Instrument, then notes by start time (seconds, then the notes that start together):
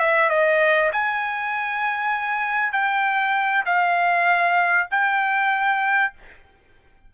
trumpet
0.00 E5
0.30 D#5
0.93 G#5
2.73 G5
3.66 F5
4.91 G5